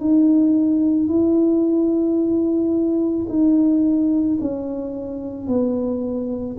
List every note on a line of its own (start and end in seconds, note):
0.00 1.09 D#4
1.09 3.27 E4
3.29 4.38 D#4
4.41 5.47 C#4
5.47 6.57 B3